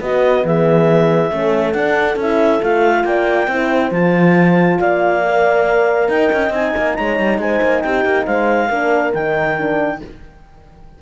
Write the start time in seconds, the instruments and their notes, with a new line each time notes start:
0.00 cello B3, horn B3 F#4, clarinet D#5
0.44 cello E3, horn G#4, clarinet E5
1.30 cello A3, horn C#4 A4
1.73 cello D4, horn D4, clarinet F#5
2.16 cello C#4, horn E4, clarinet E5
2.61 cello A3, horn F4, clarinet F5
3.04 cello A#3, horn D5, clarinet G5
3.47 cello C4, horn E4 C5
3.91 cello F3, horn F4, clarinet A5
4.79 cello A#3, horn D5, clarinet F5
5.25 horn A#4
6.08 cello D#4, horn D#5, clarinet G5
6.32 cello C#4
6.50 cello C4, horn D#4, clarinet G#5
6.76 cello A#3
6.95 cello G#3, horn C#5, clarinet A#5
7.19 cello G3
7.38 cello G#3, horn C5, clarinet G#5
7.62 cello A#3
7.81 cello C4, horn G4, clarinet G5
8.05 cello A#3
8.26 cello G#3, horn C5, clarinet F5
8.68 cello A#3, horn D4 A#4
9.13 cello D#3, horn D#4, clarinet G5
9.58 horn D4